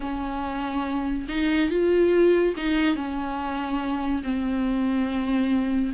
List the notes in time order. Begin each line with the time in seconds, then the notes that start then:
0.00 C#4
1.28 D#4
1.69 F4
2.56 D#4
2.95 C#4
4.23 C4